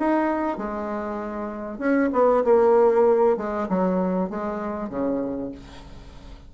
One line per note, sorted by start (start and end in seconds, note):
0.00 0.58 D#4
0.58 1.79 G#3
1.79 2.10 C#4
2.13 2.44 B3
2.45 3.38 A#3
3.38 3.69 G#3
3.70 4.30 F#3
4.30 4.90 G#3
4.90 5.52 C#3